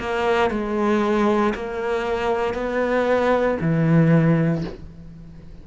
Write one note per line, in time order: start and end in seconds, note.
0.00 0.51 A#3
0.51 1.54 G#3
1.55 2.54 A#3
2.54 3.58 B3
3.61 4.65 E3